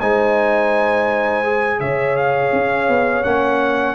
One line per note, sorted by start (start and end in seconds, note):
0.00 1.81 G#3
0.00 1.44 D#4
0.00 1.81 C5
0.00 1.81 G#5
1.44 3.25 G#4
1.81 2.52 C#3
1.81 3.95 C#5
1.81 2.17 E5
2.17 3.24 F5
2.52 2.89 C#4
2.89 3.25 B3
3.24 3.95 A#3
3.24 3.95 C#4
3.24 3.95 F#5